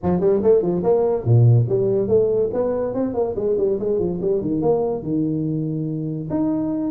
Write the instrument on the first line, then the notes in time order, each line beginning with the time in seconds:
tuba
0.02 F3
0.20 G3
0.43 A3
0.62 F3
0.83 A#3
1.24 A#2
1.69 G3
2.08 A3
2.53 B3
2.94 C4
3.14 A#3
3.35 G#3
3.57 G3
3.79 G#3
3.99 F3
4.21 G3
4.41 D#3
4.61 A#3
5.02 D#3
6.29 D#4